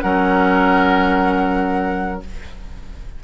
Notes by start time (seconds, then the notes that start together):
0.00 F#3 C#4 A#4 F#5